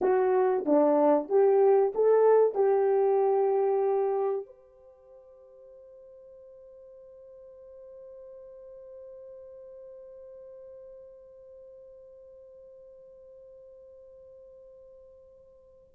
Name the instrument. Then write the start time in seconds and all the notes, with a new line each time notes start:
horn
0.01 F#4
0.65 D4
1.29 G4
1.94 A4
2.54 G4
4.45 C5